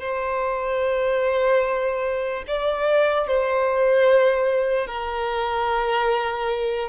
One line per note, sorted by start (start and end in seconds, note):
0.00 2.43 C5
2.47 3.27 D5
3.27 4.87 C5
4.87 6.89 A#4